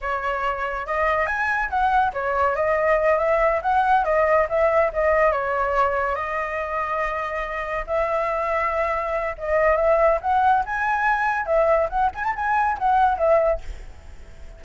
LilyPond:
\new Staff \with { instrumentName = "flute" } { \time 4/4 \tempo 4 = 141 cis''2 dis''4 gis''4 | fis''4 cis''4 dis''4. e''8~ | e''8 fis''4 dis''4 e''4 dis''8~ | dis''8 cis''2 dis''4.~ |
dis''2~ dis''8 e''4.~ | e''2 dis''4 e''4 | fis''4 gis''2 e''4 | fis''8 gis''16 a''16 gis''4 fis''4 e''4 | }